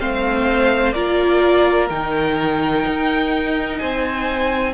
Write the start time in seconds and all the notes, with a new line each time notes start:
0.00 A3 C4 C5 F5
0.93 A#3 F4 A#4 D5
1.90 D#3 D#4 G5
2.87 D#4
3.79 C4 C5 G#5